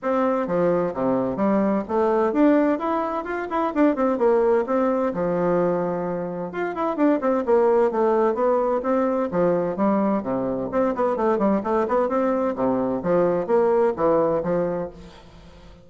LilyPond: \new Staff \with { instrumentName = "bassoon" } { \time 4/4 \tempo 4 = 129 c'4 f4 c4 g4 | a4 d'4 e'4 f'8 e'8 | d'8 c'8 ais4 c'4 f4~ | f2 f'8 e'8 d'8 c'8 |
ais4 a4 b4 c'4 | f4 g4 c4 c'8 b8 | a8 g8 a8 b8 c'4 c4 | f4 ais4 e4 f4 | }